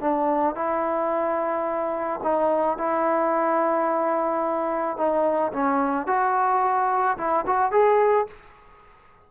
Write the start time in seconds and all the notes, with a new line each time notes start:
0.00 D4
0.55 E4
2.23 D#4
2.77 E4
4.97 D#4
5.52 C#4
6.07 F#4
7.17 E4
7.46 F#4
7.71 G#4